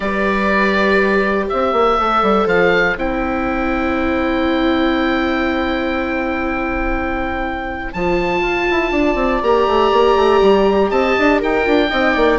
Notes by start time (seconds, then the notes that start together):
0.00 G3 G4 B4 D5
1.47 C4 C5 E5
1.73 A#3
1.99 A3 A4
2.22 G3
2.46 F3 F5
2.96 C4 E4 G5
7.93 F3 F4 A5
8.41 F4
8.70 E4
8.91 D4 D5
9.14 C4
9.42 A#3 G4 A#5
9.67 A3
9.92 A#3
10.15 A3
10.41 G3
10.90 C4 D#5 A5
11.18 D4
11.39 D#4 A#4 G5
11.63 D4 F4
11.89 C4 D#4 D#5
12.14 A#3 D5